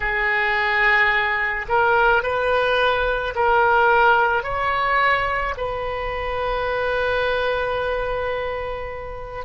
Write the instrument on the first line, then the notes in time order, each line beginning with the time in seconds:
oboe
0.00 G#4
1.68 A#4
2.22 B4
3.35 A#4
4.43 C#5
5.57 B4